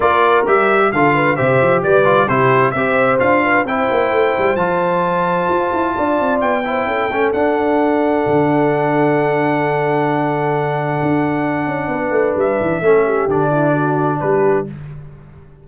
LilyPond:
<<
  \new Staff \with { instrumentName = "trumpet" } { \time 4/4 \tempo 4 = 131 d''4 e''4 f''4 e''4 | d''4 c''4 e''4 f''4 | g''2 a''2~ | a''2 g''2 |
fis''1~ | fis''1~ | fis''2. e''4~ | e''4 d''2 b'4 | }
  \new Staff \with { instrumentName = "horn" } { \time 4/4 ais'2 a'8 b'8 c''4 | b'4 g'4 c''4. b'8 | c''1~ | c''4 d''4. c''8 a'4~ |
a'1~ | a'1~ | a'2 b'2 | a'8 g'4 e'8 fis'4 g'4 | }
  \new Staff \with { instrumentName = "trombone" } { \time 4/4 f'4 g'4 f'4 g'4~ | g'8 f'8 e'4 g'4 f'4 | e'2 f'2~ | f'2~ f'8 e'4 cis'8 |
d'1~ | d'1~ | d'1 | cis'4 d'2. | }
  \new Staff \with { instrumentName = "tuba" } { \time 4/4 ais4 g4 d4 c8 f8 | g4 c4 c'4 d'4 | c'8 ais8 a8 g8 f2 | f'8 e'8 d'8 c'8 b4 cis'8 a8 |
d'2 d2~ | d1 | d'4. cis'8 b8 a8 g8 e8 | a4 d2 g4 | }
>>